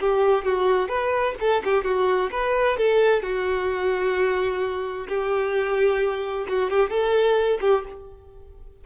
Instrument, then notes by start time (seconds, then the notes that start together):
violin
0.00 G4
0.45 F#4
0.88 B4
1.40 A4
1.64 G4
1.84 F#4
2.31 B4
2.77 A4
3.22 F#4
5.08 G4
6.48 F#4
6.70 G4
6.90 A4
7.61 G4